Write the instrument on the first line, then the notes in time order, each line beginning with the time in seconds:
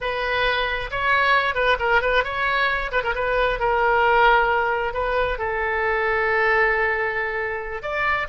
oboe
0.00 B4
0.91 C#5
1.54 B4
1.79 A#4
2.01 B4
2.24 C#5
2.91 B4
3.03 A#4
3.14 B4
3.59 A#4
4.93 B4
5.38 A4
7.82 D5